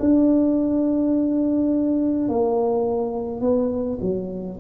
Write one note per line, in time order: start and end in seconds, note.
0.00 2.29 D4
2.29 3.41 A#3
3.41 3.99 B3
4.02 4.59 F#3